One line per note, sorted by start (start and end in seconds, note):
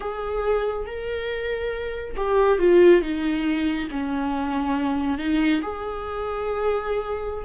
0.00 0.86 G#4
0.86 2.15 A#4
2.16 2.59 G4
2.59 3.01 F4
3.01 3.88 D#4
3.90 5.18 C#4
5.18 5.61 D#4
5.61 7.45 G#4